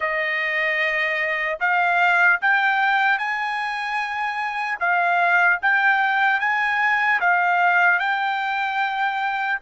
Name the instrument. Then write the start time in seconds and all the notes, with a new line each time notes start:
trumpet
0.00 D#5
1.60 F5
2.41 G5
3.18 G#5
4.79 F5
5.61 G5
6.40 G#5
7.20 F5
7.99 G5